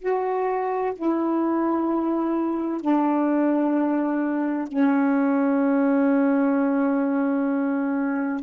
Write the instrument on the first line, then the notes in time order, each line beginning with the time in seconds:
saxophone
0.00 F#4
0.95 E4
2.81 D4
4.68 C#4